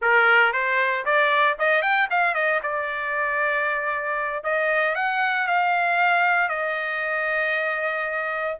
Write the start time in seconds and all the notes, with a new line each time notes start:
0.01 A#4
0.52 C5
1.05 D5
1.58 D#5
1.81 G5
2.10 F5
2.34 D#5
2.63 D5
4.43 D#5
4.95 F#5
5.47 F5
6.48 D#5